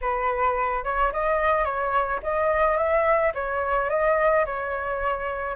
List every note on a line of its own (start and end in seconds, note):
0.01 0.84 B4
0.84 1.12 C#5
1.12 1.64 D#5
1.64 2.20 C#5
2.22 2.77 D#5
2.77 3.32 E5
3.34 3.89 C#5
3.89 4.45 D#5
4.45 5.56 C#5